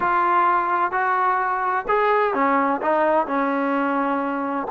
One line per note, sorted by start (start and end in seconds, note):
0.00 0.91 F4
0.91 1.85 F#4
1.88 2.34 G#4
2.34 2.80 C#4
2.81 3.26 D#4
3.26 4.67 C#4